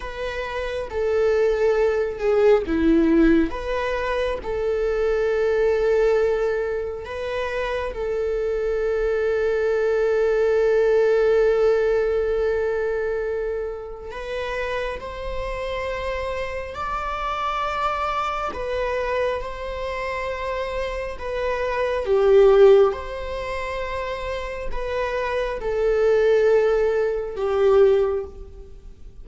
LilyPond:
\new Staff \with { instrumentName = "viola" } { \time 4/4 \tempo 4 = 68 b'4 a'4. gis'8 e'4 | b'4 a'2. | b'4 a'2.~ | a'1 |
b'4 c''2 d''4~ | d''4 b'4 c''2 | b'4 g'4 c''2 | b'4 a'2 g'4 | }